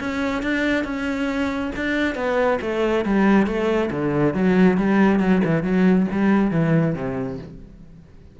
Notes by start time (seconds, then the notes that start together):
0.00 C#4
0.43 D4
0.85 C#4
1.76 D4
2.15 B3
2.62 A3
3.05 G3
3.47 A3
3.91 D3
4.35 F#3
4.78 G3
5.20 F#3
5.45 E3
5.63 F#3
6.11 G3
6.51 E3
6.95 C3